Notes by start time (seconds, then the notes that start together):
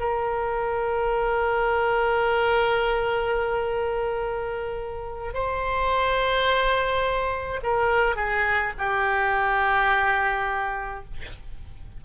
0.00 A#4
5.34 C5
7.63 A#4
8.16 G#4
8.78 G4